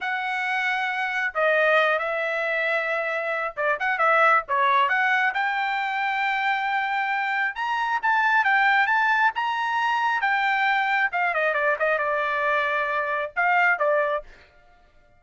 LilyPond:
\new Staff \with { instrumentName = "trumpet" } { \time 4/4 \tempo 4 = 135 fis''2. dis''4~ | dis''8 e''2.~ e''8 | d''8 fis''8 e''4 cis''4 fis''4 | g''1~ |
g''4 ais''4 a''4 g''4 | a''4 ais''2 g''4~ | g''4 f''8 dis''8 d''8 dis''8 d''4~ | d''2 f''4 d''4 | }